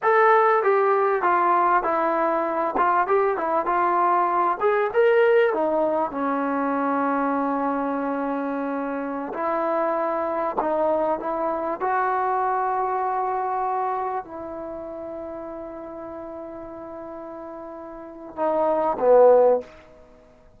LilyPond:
\new Staff \with { instrumentName = "trombone" } { \time 4/4 \tempo 4 = 98 a'4 g'4 f'4 e'4~ | e'8 f'8 g'8 e'8 f'4. gis'8 | ais'4 dis'4 cis'2~ | cis'2.~ cis'16 e'8.~ |
e'4~ e'16 dis'4 e'4 fis'8.~ | fis'2.~ fis'16 e'8.~ | e'1~ | e'2 dis'4 b4 | }